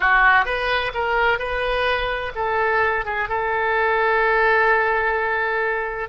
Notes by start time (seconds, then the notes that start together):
0.00 F#4
0.45 B4
0.94 A#4
1.38 B4
2.35 A4
3.05 G#4
3.28 A4